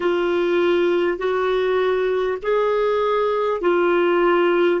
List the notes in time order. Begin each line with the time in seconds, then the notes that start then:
0.00 F4
1.18 F#4
2.42 G#4
3.61 F4